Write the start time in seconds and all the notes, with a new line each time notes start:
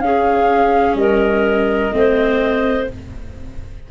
0.00 C#4 G#4 F5
0.95 G3 A#4 D#5
1.92 A3 C4 C5